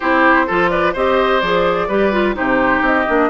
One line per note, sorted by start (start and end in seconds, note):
0.00 0.49 C4
0.00 0.47 E4
0.00 0.46 G4
0.00 0.69 C5
0.46 0.95 F3
0.46 0.94 F4
0.46 0.70 A4
0.69 0.93 B4
0.69 0.93 D5
0.93 1.42 C4
0.93 1.42 G4
0.93 1.87 C5
0.93 1.40 D#5
1.40 1.88 F3
1.40 1.89 G#4
1.40 2.35 D5
1.88 2.35 G3
1.88 2.12 G4
1.88 2.35 B4
2.12 2.34 F4
2.34 2.81 C3
2.34 3.05 D#4
2.34 3.29 G4
2.34 2.82 C5
2.81 3.04 C4
2.81 3.29 D#5
3.06 3.29 A#3
3.06 3.29 D4